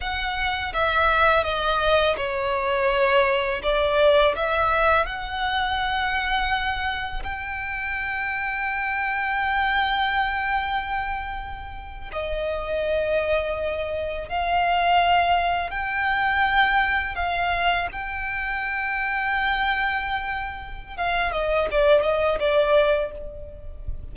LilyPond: \new Staff \with { instrumentName = "violin" } { \time 4/4 \tempo 4 = 83 fis''4 e''4 dis''4 cis''4~ | cis''4 d''4 e''4 fis''4~ | fis''2 g''2~ | g''1~ |
g''8. dis''2. f''16~ | f''4.~ f''16 g''2 f''16~ | f''8. g''2.~ g''16~ | g''4 f''8 dis''8 d''8 dis''8 d''4 | }